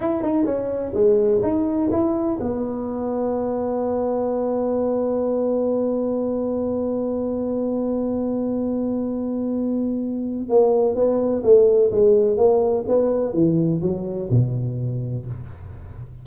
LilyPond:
\new Staff \with { instrumentName = "tuba" } { \time 4/4 \tempo 4 = 126 e'8 dis'8 cis'4 gis4 dis'4 | e'4 b2.~ | b1~ | b1~ |
b1~ | b2 ais4 b4 | a4 gis4 ais4 b4 | e4 fis4 b,2 | }